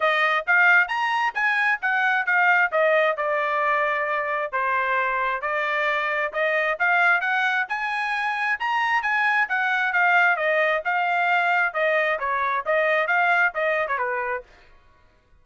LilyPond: \new Staff \with { instrumentName = "trumpet" } { \time 4/4 \tempo 4 = 133 dis''4 f''4 ais''4 gis''4 | fis''4 f''4 dis''4 d''4~ | d''2 c''2 | d''2 dis''4 f''4 |
fis''4 gis''2 ais''4 | gis''4 fis''4 f''4 dis''4 | f''2 dis''4 cis''4 | dis''4 f''4 dis''8. cis''16 b'4 | }